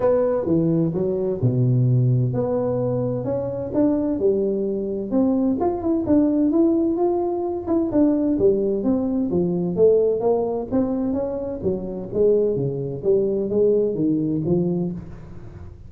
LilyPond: \new Staff \with { instrumentName = "tuba" } { \time 4/4 \tempo 4 = 129 b4 e4 fis4 b,4~ | b,4 b2 cis'4 | d'4 g2 c'4 | f'8 e'8 d'4 e'4 f'4~ |
f'8 e'8 d'4 g4 c'4 | f4 a4 ais4 c'4 | cis'4 fis4 gis4 cis4 | g4 gis4 dis4 f4 | }